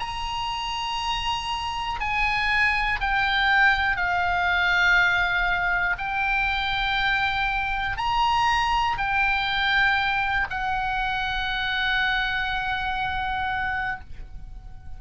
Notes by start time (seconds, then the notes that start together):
0.00 A#5
2.00 G#5
3.00 G5
3.97 F5
5.98 G5
7.97 A#5
8.98 G5
10.50 F#5